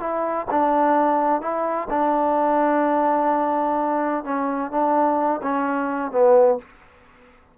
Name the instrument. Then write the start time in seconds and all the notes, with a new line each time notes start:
trombone
0.00 E4
0.50 D4
1.42 E4
1.90 D4
4.24 C#4
4.71 D4
5.43 C#4
6.12 B3